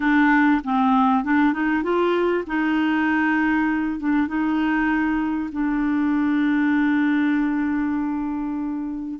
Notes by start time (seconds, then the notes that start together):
0.00 D4
0.64 C4
1.24 D4
1.53 D#4
1.83 F4
2.46 D#4
3.99 D4
4.27 D#4
5.52 D4